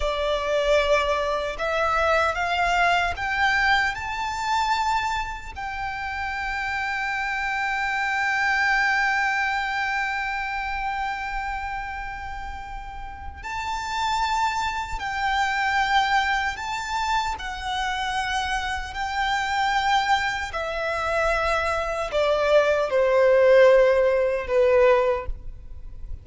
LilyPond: \new Staff \with { instrumentName = "violin" } { \time 4/4 \tempo 4 = 76 d''2 e''4 f''4 | g''4 a''2 g''4~ | g''1~ | g''1~ |
g''4 a''2 g''4~ | g''4 a''4 fis''2 | g''2 e''2 | d''4 c''2 b'4 | }